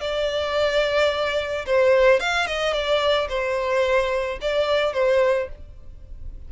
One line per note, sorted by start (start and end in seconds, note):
0.00 1.65 D5
1.66 2.20 C5
2.20 2.46 F5
2.46 2.73 D#5
2.73 3.28 D5
3.28 4.38 C5
4.41 4.93 D5
4.93 5.48 C5